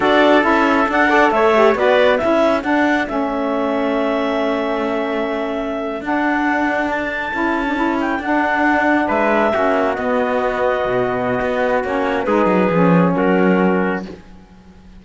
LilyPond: <<
  \new Staff \with { instrumentName = "clarinet" } { \time 4/4 \tempo 4 = 137 d''4 e''4 fis''4 e''4 | d''4 e''4 fis''4 e''4~ | e''1~ | e''4.~ e''16 fis''2 a''16~ |
a''2~ a''16 g''8 fis''4~ fis''16~ | fis''8. e''2 dis''4~ dis''16~ | dis''2. cis''4 | b'2 ais'2 | }
  \new Staff \with { instrumentName = "trumpet" } { \time 4/4 a'2~ a'8 d''8 cis''4 | b'4 a'2.~ | a'1~ | a'1~ |
a'1~ | a'8. b'4 fis'2~ fis'16~ | fis'1 | gis'2 fis'2 | }
  \new Staff \with { instrumentName = "saxophone" } { \time 4/4 fis'4 e'4 d'8 a'4 g'8 | fis'4 e'4 d'4 cis'4~ | cis'1~ | cis'4.~ cis'16 d'2~ d'16~ |
d'8. e'8. d'16 e'4 d'4~ d'16~ | d'4.~ d'16 cis'4 b4~ b16~ | b2. cis'4 | dis'4 cis'2. | }
  \new Staff \with { instrumentName = "cello" } { \time 4/4 d'4 cis'4 d'4 a4 | b4 cis'4 d'4 a4~ | a1~ | a4.~ a16 d'2~ d'16~ |
d'8. cis'2 d'4~ d'16~ | d'8. gis4 ais4 b4~ b16~ | b8. b,4~ b,16 b4 ais4 | gis8 fis8 f4 fis2 | }
>>